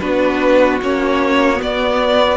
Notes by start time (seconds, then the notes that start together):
0.00 B3 D4 F#4 B4
0.82 A#3 C#4 C#5
1.56 B3
1.62 B3 D5